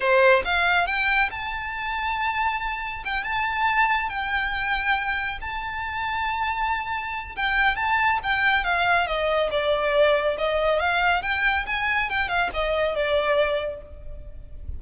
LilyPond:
\new Staff \with { instrumentName = "violin" } { \time 4/4 \tempo 4 = 139 c''4 f''4 g''4 a''4~ | a''2. g''8 a''8~ | a''4. g''2~ g''8~ | g''8 a''2.~ a''8~ |
a''4 g''4 a''4 g''4 | f''4 dis''4 d''2 | dis''4 f''4 g''4 gis''4 | g''8 f''8 dis''4 d''2 | }